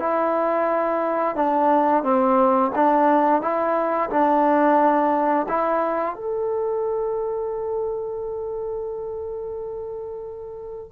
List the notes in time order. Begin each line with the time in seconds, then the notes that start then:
0.00 E4
1.36 D4
2.03 C4
2.75 D4
3.42 E4
4.10 D4
5.49 E4
6.15 A4